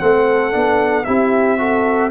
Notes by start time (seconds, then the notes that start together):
0.00 A3 C4 A4 F#5
0.52 B3 D4
1.05 C4 E4 G4 E5
1.59 F#4 A4